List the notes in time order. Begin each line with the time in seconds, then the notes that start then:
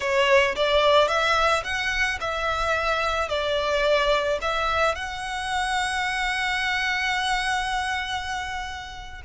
0.00 C#5
0.55 D5
1.08 E5
1.64 F#5
2.20 E5
3.29 D5
4.41 E5
4.95 F#5